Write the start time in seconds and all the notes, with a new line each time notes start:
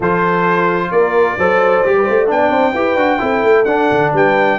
0.00 F3 F4 A4 C5
0.91 A#3 A#4 D5
1.37 F#3 A4 C5
1.85 G3 G4
1.96 B4
2.04 A3 C5
2.26 B3 D4 G5
2.33 D5
2.49 C4 C5
2.73 E4 G4 B4
2.95 D4 F#4
3.19 C4 E4 A4
3.43 A3
3.64 D4 F#5
3.91 D3
4.13 G3 B4 G5